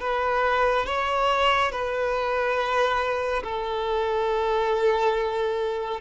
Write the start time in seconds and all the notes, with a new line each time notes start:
0.00 B4
0.86 C#5
1.71 B4
3.43 A4